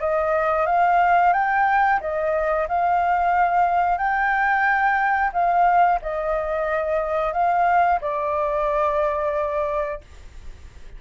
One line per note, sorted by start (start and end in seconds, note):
0.00 0.66 D#5
0.66 1.33 F5
1.33 2.00 G5
2.01 2.67 D#5
2.68 3.98 F5
3.98 5.31 G5
5.33 5.99 F5
6.02 7.33 D#5
7.33 7.99 F5
8.01 10.01 D5